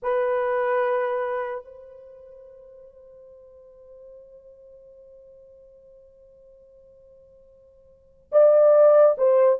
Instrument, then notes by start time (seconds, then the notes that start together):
horn
0.02 B4
1.64 C5
8.32 D5
9.17 C5